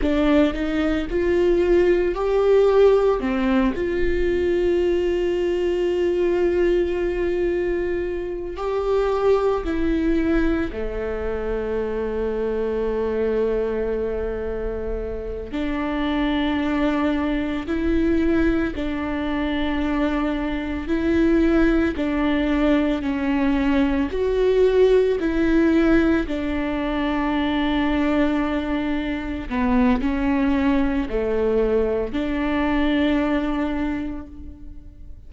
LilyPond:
\new Staff \with { instrumentName = "viola" } { \time 4/4 \tempo 4 = 56 d'8 dis'8 f'4 g'4 c'8 f'8~ | f'1 | g'4 e'4 a2~ | a2~ a8 d'4.~ |
d'8 e'4 d'2 e'8~ | e'8 d'4 cis'4 fis'4 e'8~ | e'8 d'2. b8 | cis'4 a4 d'2 | }